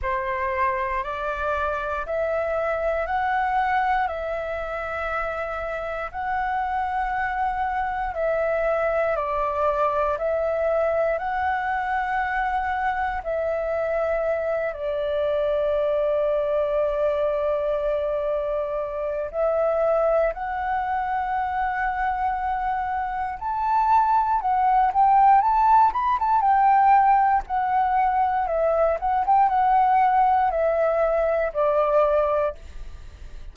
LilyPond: \new Staff \with { instrumentName = "flute" } { \time 4/4 \tempo 4 = 59 c''4 d''4 e''4 fis''4 | e''2 fis''2 | e''4 d''4 e''4 fis''4~ | fis''4 e''4. d''4.~ |
d''2. e''4 | fis''2. a''4 | fis''8 g''8 a''8 b''16 a''16 g''4 fis''4 | e''8 fis''16 g''16 fis''4 e''4 d''4 | }